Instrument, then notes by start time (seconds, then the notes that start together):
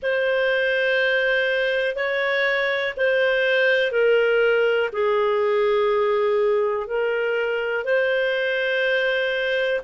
clarinet
0.02 C5
1.95 C#5
2.96 C5
3.91 A#4
4.92 G#4
6.86 A#4
7.84 C5